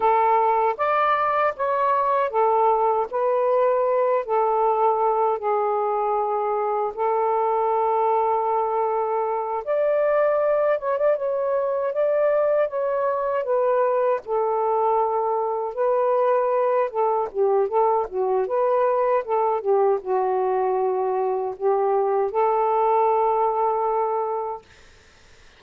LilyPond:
\new Staff \with { instrumentName = "saxophone" } { \time 4/4 \tempo 4 = 78 a'4 d''4 cis''4 a'4 | b'4. a'4. gis'4~ | gis'4 a'2.~ | a'8 d''4. cis''16 d''16 cis''4 d''8~ |
d''8 cis''4 b'4 a'4.~ | a'8 b'4. a'8 g'8 a'8 fis'8 | b'4 a'8 g'8 fis'2 | g'4 a'2. | }